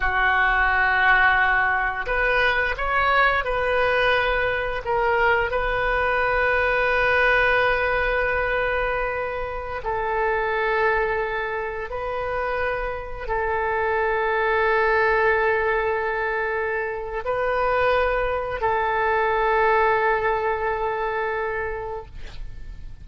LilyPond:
\new Staff \with { instrumentName = "oboe" } { \time 4/4 \tempo 4 = 87 fis'2. b'4 | cis''4 b'2 ais'4 | b'1~ | b'2~ b'16 a'4.~ a'16~ |
a'4~ a'16 b'2 a'8.~ | a'1~ | a'4 b'2 a'4~ | a'1 | }